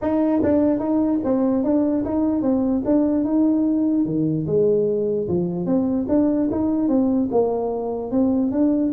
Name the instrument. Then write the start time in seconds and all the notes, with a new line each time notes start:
tuba
0.01 D#4
0.42 D4
0.79 D#4
1.24 C4
1.63 D4
2.05 D#4
2.42 C4
2.85 D4
3.24 D#4
4.05 D#3
4.46 G#3
5.27 F3
5.66 C4
6.08 D4
6.51 D#4
6.88 C4
7.31 A#3
8.11 C4
8.51 D4